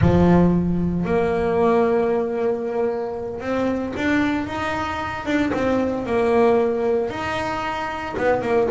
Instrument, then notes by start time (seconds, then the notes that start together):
double bass
0.01 F3
1.05 A#3
3.40 C4
3.96 D4
4.46 D#4
5.25 D4
5.53 C4
6.06 A#3
7.10 D#4
8.17 B3
8.41 A#3